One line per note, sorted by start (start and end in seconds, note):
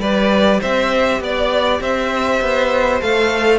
0.00 0.60 G3
0.00 3.01 G4
0.00 0.61 B4
0.00 0.61 D5
0.61 1.21 C4
0.61 1.21 C5
0.61 1.22 E5
1.21 1.81 B3
1.21 1.81 D5
1.21 1.83 D5
1.81 2.41 C4
1.81 3.60 C5
1.81 3.02 E5
2.41 3.01 B3
3.01 3.60 A3
3.01 3.60 A4
3.01 3.60 F5